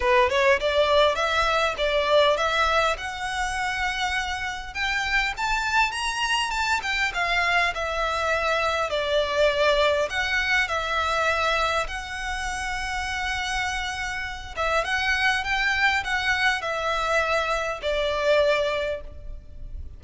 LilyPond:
\new Staff \with { instrumentName = "violin" } { \time 4/4 \tempo 4 = 101 b'8 cis''8 d''4 e''4 d''4 | e''4 fis''2. | g''4 a''4 ais''4 a''8 g''8 | f''4 e''2 d''4~ |
d''4 fis''4 e''2 | fis''1~ | fis''8 e''8 fis''4 g''4 fis''4 | e''2 d''2 | }